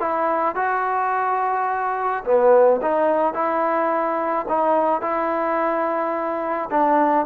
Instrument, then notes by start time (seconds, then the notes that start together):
trombone
0.00 E4
0.56 F#4
2.25 B3
2.82 D#4
3.34 E4
4.49 D#4
5.02 E4
6.71 D4